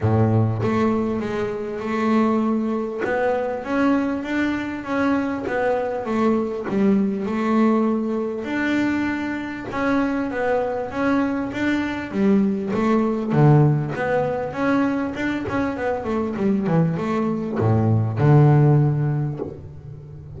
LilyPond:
\new Staff \with { instrumentName = "double bass" } { \time 4/4 \tempo 4 = 99 a,4 a4 gis4 a4~ | a4 b4 cis'4 d'4 | cis'4 b4 a4 g4 | a2 d'2 |
cis'4 b4 cis'4 d'4 | g4 a4 d4 b4 | cis'4 d'8 cis'8 b8 a8 g8 e8 | a4 a,4 d2 | }